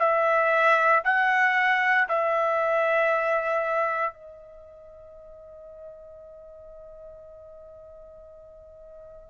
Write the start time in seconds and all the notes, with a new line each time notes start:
0.00 E5
1.05 F#5
2.09 E5
4.14 D#5